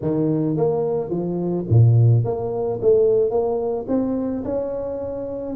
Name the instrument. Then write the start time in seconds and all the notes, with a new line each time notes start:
tuba
0.02 D#3
0.57 A#3
1.10 F3
1.69 A#2
2.24 A#3
2.81 A3
3.30 A#3
3.88 C4
4.44 C#4